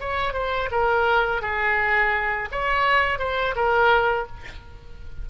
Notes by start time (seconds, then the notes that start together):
0.00 C#5
0.33 C5
0.71 A#4
1.42 G#4
2.52 C#5
3.19 C5
3.56 A#4